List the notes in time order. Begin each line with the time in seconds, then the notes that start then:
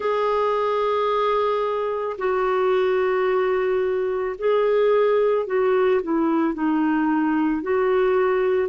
0.00 G#4
2.18 F#4
4.38 G#4
5.46 F#4
6.02 E4
6.54 D#4
7.62 F#4